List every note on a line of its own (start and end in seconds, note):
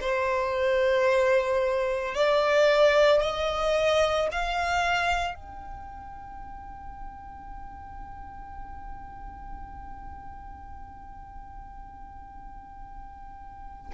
0.00 2.14 C5
2.15 3.21 D5
3.21 4.29 D#5
4.31 5.35 F5
5.35 13.92 G5